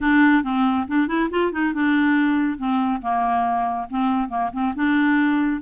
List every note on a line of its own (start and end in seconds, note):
0.00 0.43 D4
0.43 0.86 C4
0.87 1.07 D4
1.07 1.29 E4
1.30 1.52 F4
1.52 1.73 D#4
1.73 2.58 D4
2.58 3.01 C4
3.01 3.88 A#3
3.90 4.29 C4
4.29 4.50 A#3
4.52 4.74 C4
4.75 5.61 D4